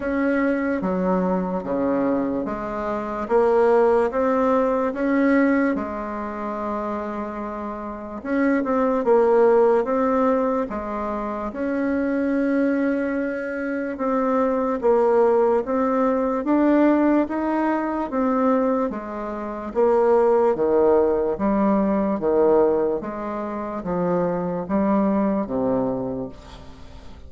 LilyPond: \new Staff \with { instrumentName = "bassoon" } { \time 4/4 \tempo 4 = 73 cis'4 fis4 cis4 gis4 | ais4 c'4 cis'4 gis4~ | gis2 cis'8 c'8 ais4 | c'4 gis4 cis'2~ |
cis'4 c'4 ais4 c'4 | d'4 dis'4 c'4 gis4 | ais4 dis4 g4 dis4 | gis4 f4 g4 c4 | }